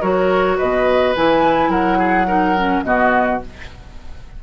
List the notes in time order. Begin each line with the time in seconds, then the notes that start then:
0.00 F#3 F#4 A#4 C#5
0.57 B2 B4 D#5
1.15 E3 E4 G#5
1.68 F#3 A#4 F#5
1.98 G#4
2.27 D#4 A#4
2.58 C#4
2.83 B2 B3 F#4 D#5